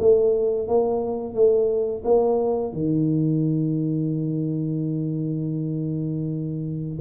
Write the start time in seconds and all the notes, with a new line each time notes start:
0.00 A3
0.68 A#3
1.35 A3
2.05 A#3
2.73 D#3